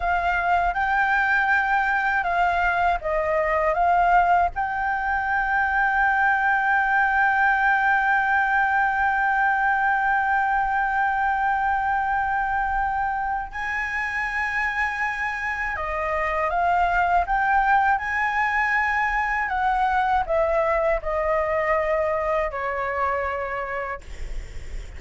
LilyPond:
\new Staff \with { instrumentName = "flute" } { \time 4/4 \tempo 4 = 80 f''4 g''2 f''4 | dis''4 f''4 g''2~ | g''1~ | g''1~ |
g''2 gis''2~ | gis''4 dis''4 f''4 g''4 | gis''2 fis''4 e''4 | dis''2 cis''2 | }